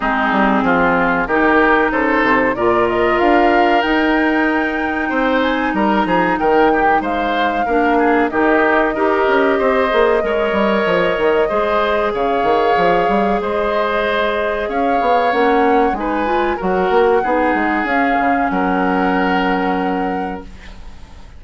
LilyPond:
<<
  \new Staff \with { instrumentName = "flute" } { \time 4/4 \tempo 4 = 94 gis'2 ais'4 c''4 | d''8 dis''8 f''4 g''2~ | g''8 gis''8 ais''4 g''4 f''4~ | f''4 dis''2.~ |
dis''2. f''4~ | f''4 dis''2 f''4 | fis''4 gis''4 fis''2 | f''4 fis''2. | }
  \new Staff \with { instrumentName = "oboe" } { \time 4/4 dis'4 f'4 g'4 a'4 | ais'1 | c''4 ais'8 gis'8 ais'8 g'8 c''4 | ais'8 gis'8 g'4 ais'4 c''4 |
cis''2 c''4 cis''4~ | cis''4 c''2 cis''4~ | cis''4 b'4 ais'4 gis'4~ | gis'4 ais'2. | }
  \new Staff \with { instrumentName = "clarinet" } { \time 4/4 c'2 dis'2 | f'2 dis'2~ | dis'1 | d'4 dis'4 g'4. gis'8 |
ais'2 gis'2~ | gis'1 | cis'4 dis'8 f'8 fis'4 dis'4 | cis'1 | }
  \new Staff \with { instrumentName = "bassoon" } { \time 4/4 gis8 g8 f4 dis4 cis8 c8 | ais,4 d'4 dis'2 | c'4 g8 f8 dis4 gis4 | ais4 dis4 dis'8 cis'8 c'8 ais8 |
gis8 g8 f8 dis8 gis4 cis8 dis8 | f8 g8 gis2 cis'8 b8 | ais4 gis4 fis8 ais8 b8 gis8 | cis'8 cis8 fis2. | }
>>